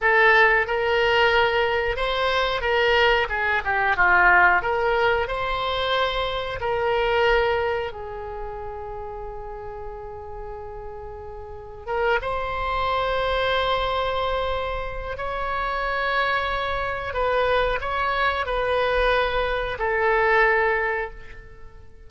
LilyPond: \new Staff \with { instrumentName = "oboe" } { \time 4/4 \tempo 4 = 91 a'4 ais'2 c''4 | ais'4 gis'8 g'8 f'4 ais'4 | c''2 ais'2 | gis'1~ |
gis'2 ais'8 c''4.~ | c''2. cis''4~ | cis''2 b'4 cis''4 | b'2 a'2 | }